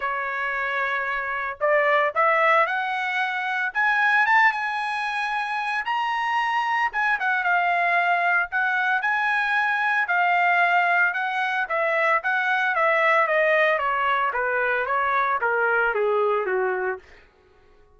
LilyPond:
\new Staff \with { instrumentName = "trumpet" } { \time 4/4 \tempo 4 = 113 cis''2. d''4 | e''4 fis''2 gis''4 | a''8 gis''2~ gis''8 ais''4~ | ais''4 gis''8 fis''8 f''2 |
fis''4 gis''2 f''4~ | f''4 fis''4 e''4 fis''4 | e''4 dis''4 cis''4 b'4 | cis''4 ais'4 gis'4 fis'4 | }